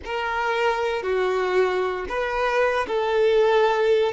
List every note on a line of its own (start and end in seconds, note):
0.04 1.02 A#4
1.02 2.06 F#4
2.09 2.86 B4
2.87 4.12 A4